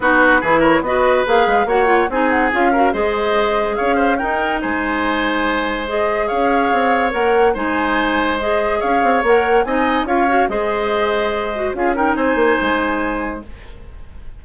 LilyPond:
<<
  \new Staff \with { instrumentName = "flute" } { \time 4/4 \tempo 4 = 143 b'4. cis''8 dis''4 f''4 | fis''4 gis''8 fis''8 f''4 dis''4~ | dis''4 f''4 g''4 gis''4~ | gis''2 dis''4 f''4~ |
f''4 fis''4 gis''2 | dis''4 f''4 fis''4 gis''4 | f''4 dis''2. | f''8 g''8 gis''2. | }
  \new Staff \with { instrumentName = "oboe" } { \time 4/4 fis'4 gis'8 ais'8 b'2 | cis''4 gis'4. ais'8 c''4~ | c''4 cis''8 c''8 ais'4 c''4~ | c''2. cis''4~ |
cis''2 c''2~ | c''4 cis''2 dis''4 | cis''4 c''2. | gis'8 ais'8 c''2. | }
  \new Staff \with { instrumentName = "clarinet" } { \time 4/4 dis'4 e'4 fis'4 gis'4 | fis'8 f'8 dis'4 f'8 fis'8 gis'4~ | gis'2 dis'2~ | dis'2 gis'2~ |
gis'4 ais'4 dis'2 | gis'2 ais'4 dis'4 | f'8 fis'8 gis'2~ gis'8 fis'8 | f'8 dis'2.~ dis'8 | }
  \new Staff \with { instrumentName = "bassoon" } { \time 4/4 b4 e4 b4 ais8 gis8 | ais4 c'4 cis'4 gis4~ | gis4 cis'4 dis'4 gis4~ | gis2. cis'4 |
c'4 ais4 gis2~ | gis4 cis'8 c'8 ais4 c'4 | cis'4 gis2. | cis'4 c'8 ais8 gis2 | }
>>